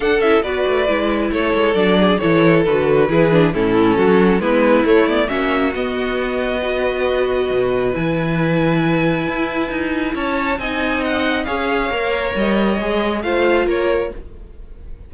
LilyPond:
<<
  \new Staff \with { instrumentName = "violin" } { \time 4/4 \tempo 4 = 136 fis''8 e''8 d''2 cis''4 | d''4 cis''4 b'2 | a'2 b'4 cis''8 d''8 | e''4 dis''2.~ |
dis''2 gis''2~ | gis''2. a''4 | gis''4 fis''4 f''2 | dis''2 f''4 cis''4 | }
  \new Staff \with { instrumentName = "violin" } { \time 4/4 a'4 b'2 a'4~ | a'8 gis'8 a'2 gis'4 | e'4 fis'4 e'2 | fis'2. b'4~ |
b'1~ | b'2. cis''4 | dis''2 cis''2~ | cis''2 c''4 ais'4 | }
  \new Staff \with { instrumentName = "viola" } { \time 4/4 d'8 e'8 fis'4 e'2 | d'4 e'4 fis'4 e'8 d'8 | cis'2 b4 a8 b8 | cis'4 b2 fis'4~ |
fis'2 e'2~ | e'1 | dis'2 gis'4 ais'4~ | ais'4 gis'4 f'2 | }
  \new Staff \with { instrumentName = "cello" } { \time 4/4 d'8 cis'8 b8 a8 gis4 a8 gis8 | fis4 e4 d4 e4 | a,4 fis4 gis4 a4 | ais4 b2.~ |
b4 b,4 e2~ | e4 e'4 dis'4 cis'4 | c'2 cis'4 ais4 | g4 gis4 a4 ais4 | }
>>